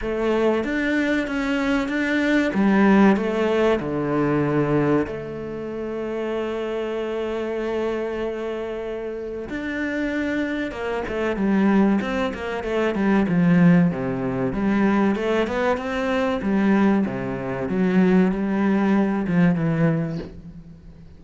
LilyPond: \new Staff \with { instrumentName = "cello" } { \time 4/4 \tempo 4 = 95 a4 d'4 cis'4 d'4 | g4 a4 d2 | a1~ | a2. d'4~ |
d'4 ais8 a8 g4 c'8 ais8 | a8 g8 f4 c4 g4 | a8 b8 c'4 g4 c4 | fis4 g4. f8 e4 | }